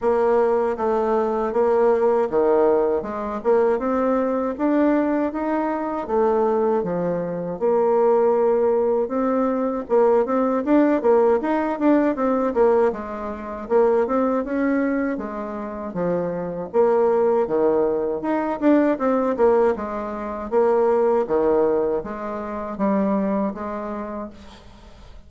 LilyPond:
\new Staff \with { instrumentName = "bassoon" } { \time 4/4 \tempo 4 = 79 ais4 a4 ais4 dis4 | gis8 ais8 c'4 d'4 dis'4 | a4 f4 ais2 | c'4 ais8 c'8 d'8 ais8 dis'8 d'8 |
c'8 ais8 gis4 ais8 c'8 cis'4 | gis4 f4 ais4 dis4 | dis'8 d'8 c'8 ais8 gis4 ais4 | dis4 gis4 g4 gis4 | }